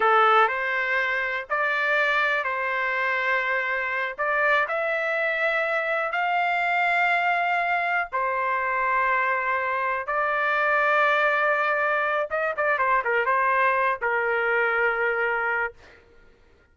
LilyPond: \new Staff \with { instrumentName = "trumpet" } { \time 4/4 \tempo 4 = 122 a'4 c''2 d''4~ | d''4 c''2.~ | c''8 d''4 e''2~ e''8~ | e''8 f''2.~ f''8~ |
f''8 c''2.~ c''8~ | c''8 d''2.~ d''8~ | d''4 dis''8 d''8 c''8 ais'8 c''4~ | c''8 ais'2.~ ais'8 | }